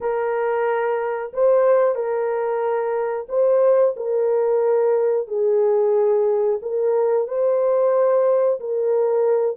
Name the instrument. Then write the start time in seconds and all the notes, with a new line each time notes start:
horn
0.01 A#4
1.33 C5
1.95 A#4
3.28 C5
3.96 A#4
5.27 G#4
6.61 A#4
7.27 C5
8.60 A#4